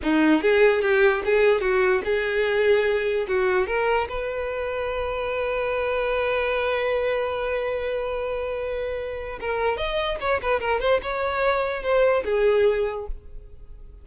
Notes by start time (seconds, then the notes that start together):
0.02 D#4
0.41 G#4
0.81 G4
1.24 G#4
1.60 F#4
2.04 G#4
3.28 F#4
3.67 A#4
4.08 B4
9.40 A#4
9.77 D#5
10.20 C#5
10.42 B4
10.60 A#4
10.80 C5
11.02 C#5
11.82 C5
12.24 G#4